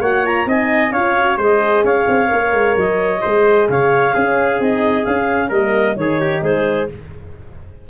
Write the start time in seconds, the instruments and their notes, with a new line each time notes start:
0.00 tuba A#3, horn F#4, trumpet C#5, clarinet F#5
0.23 horn F4, clarinet A#5
0.46 tuba C4, horn D#4, trumpet D#5, clarinet G#5
0.91 tuba C#4, horn F4, trumpet C#5, clarinet F5
1.17 horn F#4
1.37 tuba G#3, horn G#4, trumpet C5, clarinet D#5
1.84 tuba C#4, trumpet C#5, clarinet F5
2.08 tuba C4
2.27 tuba A#3, horn A#4
2.53 tuba G#3
2.77 tuba F#3, clarinet D#5
3.21 tuba G#3, horn G#4, trumpet C5
3.69 tuba C#3, trumpet C#5, clarinet F5
4.13 horn C#4, tuba C#4, trumpet G#4
4.59 tuba C4, horn D#4, clarinet D#5
5.04 tuba C#4, horn C#4, clarinet F5
5.48 tuba G3, horn A#3, trumpet A#4, clarinet D#5
5.96 tuba D#3, horn D#4, trumpet G#4, clarinet C#5
6.20 trumpet G4
6.42 tuba G#3, trumpet G#4, clarinet C5